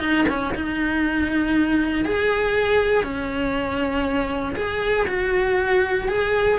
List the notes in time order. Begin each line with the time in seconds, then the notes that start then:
0.00 D#4
0.29 C#4
0.55 D#4
2.06 G#4
3.04 C#4
4.56 G#4
5.08 F#4
6.09 G#4